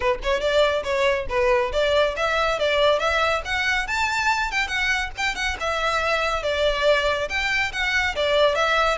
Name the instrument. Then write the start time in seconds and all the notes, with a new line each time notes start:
violin
0.00 B4
0.23 C#5
0.40 D5
0.83 C#5
1.29 B4
1.72 D5
2.16 E5
2.59 D5
2.99 E5
3.44 F#5
3.87 A5
4.51 G5
4.67 F#5
5.17 G5
5.35 F#5
5.60 E5
6.42 D5
7.29 G5
7.72 F#5
8.15 D5
8.55 E5